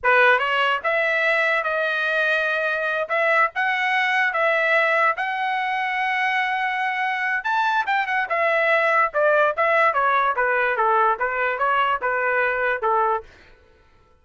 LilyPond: \new Staff \with { instrumentName = "trumpet" } { \time 4/4 \tempo 4 = 145 b'4 cis''4 e''2 | dis''2.~ dis''8 e''8~ | e''8 fis''2 e''4.~ | e''8 fis''2.~ fis''8~ |
fis''2 a''4 g''8 fis''8 | e''2 d''4 e''4 | cis''4 b'4 a'4 b'4 | cis''4 b'2 a'4 | }